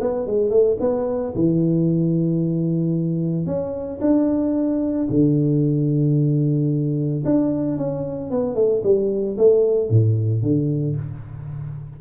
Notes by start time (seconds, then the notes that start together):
0.00 B3
0.26 G#3
0.50 A3
0.80 B3
1.35 E3
3.46 C#4
4.00 D4
5.09 D3
7.25 D4
7.77 C#4
8.30 B3
8.55 A3
8.83 G3
9.37 A3
9.89 A2
10.42 D3